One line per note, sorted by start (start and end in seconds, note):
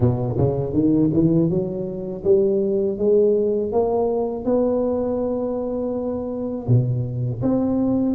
0.00 0.35 B2
0.37 0.73 C#3
0.73 1.10 D#3
1.13 1.49 E3
1.49 2.23 F#3
2.24 2.98 G3
2.98 3.72 G#3
3.72 4.44 A#3
4.44 6.67 B3
6.67 7.41 B2
7.42 8.15 C4